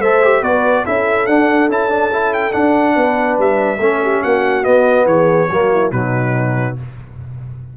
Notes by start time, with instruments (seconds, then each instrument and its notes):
0.00 tuba A3, trombone A4, horn C5, trumpet E5
0.24 trombone G4
0.42 tuba B3, trombone F#4, horn B4, trumpet D5
0.85 tuba C#4, trombone E4, horn A4, trumpet E5
1.27 tuba D4, trombone D4, trumpet F#5
1.68 tuba C#4, trombone E4, trumpet A5
1.90 trombone D4
2.13 trombone E4
2.34 trumpet G5
2.52 trombone D4, tuba D4, trumpet F#5
2.96 tuba B3, horn B4
3.39 tuba G3, trumpet E5
3.79 tuba A3, trombone C#4, horn A4
4.03 horn G4
4.22 tuba A#3, horn F#4, trumpet F#5
4.64 trombone B3, tuba B3, trumpet D#5
5.06 tuba E3, horn G#4, trumpet C#5
5.50 tuba F#3, trombone A#3, horn F#4
5.72 horn E4
5.92 tuba B2, trombone F#3, horn D#4, trumpet B4